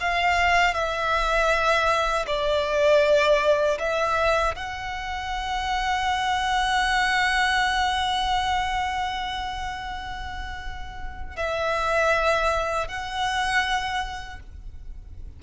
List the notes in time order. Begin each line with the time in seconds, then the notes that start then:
0.00 F5
0.74 E5
2.26 D5
3.79 E5
4.55 F#5
11.36 E5
12.88 F#5